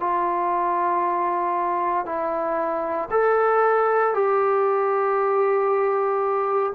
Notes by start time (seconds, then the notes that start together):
0.00 F4
2.05 E4
3.11 A4
4.14 G4